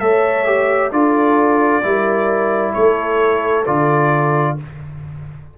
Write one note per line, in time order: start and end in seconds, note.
0.00 0.92 A3
0.00 0.45 A4
0.00 0.93 C#5
0.00 0.91 E5
0.45 0.91 G4
0.92 1.83 D4
0.92 1.82 F4
0.92 1.84 A4
0.92 2.73 D5
1.82 2.75 G3
1.82 3.64 E4
1.82 2.74 A#4
2.73 3.67 A3
2.73 4.55 A4
2.73 3.64 C#5
3.66 4.58 D3
3.66 4.57 F4
3.66 4.57 D5